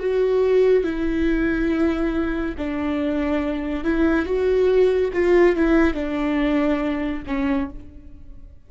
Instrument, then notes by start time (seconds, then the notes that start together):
viola
0.00 F#4
0.84 E4
2.58 D4
3.84 E4
4.26 F#4
5.14 F4
5.56 E4
5.94 D4
7.27 C#4